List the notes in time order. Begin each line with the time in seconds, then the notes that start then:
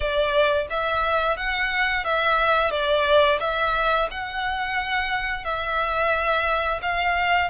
0.00 D5
0.69 E5
1.36 F#5
2.04 E5
2.70 D5
3.40 E5
4.10 F#5
5.44 E5
6.82 F5